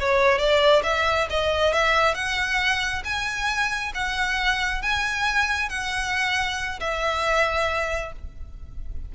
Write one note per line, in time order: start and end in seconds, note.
0.00 0.39 C#5
0.39 0.83 D5
0.84 1.28 E5
1.30 1.74 D#5
1.74 2.15 E5
2.15 3.03 F#5
3.05 3.93 G#5
3.95 4.82 F#5
4.82 5.70 G#5
5.70 6.80 F#5
6.80 8.13 E5